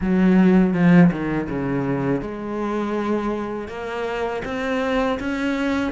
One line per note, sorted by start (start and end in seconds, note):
0.00 0.73 F#3
0.73 1.10 F3
1.11 1.48 D#3
1.49 2.21 C#3
2.21 3.68 G#3
3.68 4.42 A#3
4.44 5.19 C4
5.19 5.92 C#4